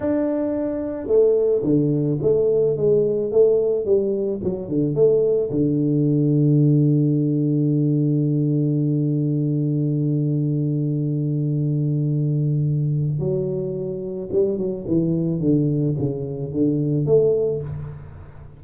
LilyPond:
\new Staff \with { instrumentName = "tuba" } { \time 4/4 \tempo 4 = 109 d'2 a4 d4 | a4 gis4 a4 g4 | fis8 d8 a4 d2~ | d1~ |
d1~ | d1 | fis2 g8 fis8 e4 | d4 cis4 d4 a4 | }